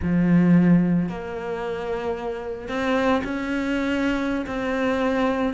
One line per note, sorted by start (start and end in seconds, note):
0.02 1.08 F3
1.08 2.68 A#3
2.68 3.22 C4
3.24 4.45 C#4
4.46 5.54 C4